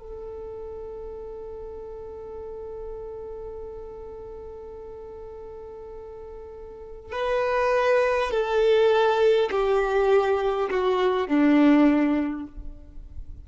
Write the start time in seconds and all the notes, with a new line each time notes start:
0.00 A4
7.13 B4
8.31 A4
9.51 G4
10.70 F#4
11.28 D4